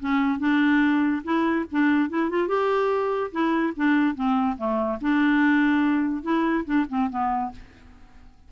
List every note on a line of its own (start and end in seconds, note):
0.00 0.39 C#4
0.39 1.23 D4
1.24 1.65 E4
1.71 2.09 D4
2.09 2.30 E4
2.30 2.48 F4
2.48 3.31 G4
3.32 3.73 E4
3.76 4.15 D4
4.15 4.57 C4
4.57 4.99 A3
5.01 6.23 D4
6.23 6.64 E4
6.65 6.86 D4
6.89 7.10 C4
7.10 7.51 B3